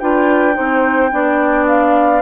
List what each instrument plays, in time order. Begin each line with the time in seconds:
0.00 bassoon D4, clarinet F4, saxophone B4, flute G5
0.54 bassoon C4, clarinet D#4, saxophone C5
1.12 bassoon B3, clarinet D4, saxophone D5
1.67 flute F5